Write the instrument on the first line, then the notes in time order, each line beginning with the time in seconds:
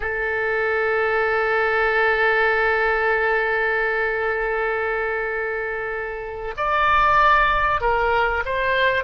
oboe
0.00 A4
6.56 D5
7.80 A#4
8.45 C5